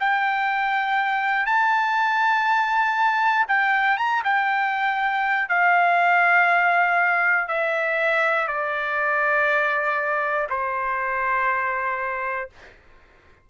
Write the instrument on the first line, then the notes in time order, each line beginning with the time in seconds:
trumpet
0.00 G5
1.46 A5
3.48 G5
3.97 A#5
4.24 G5
5.48 F5
7.48 E5
8.47 D5
10.49 C5